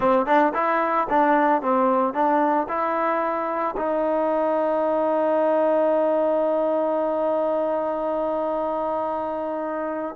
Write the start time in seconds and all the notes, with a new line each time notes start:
0.00 C4
0.26 D4
0.54 E4
1.09 D4
1.62 C4
2.13 D4
2.68 E4
3.76 D#4